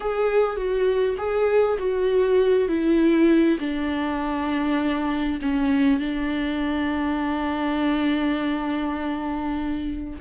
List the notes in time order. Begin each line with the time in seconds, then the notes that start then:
0.00 G#4
0.56 F#4
1.17 G#4
1.78 F#4
2.68 E4
3.59 D4
5.41 C#4
5.99 D4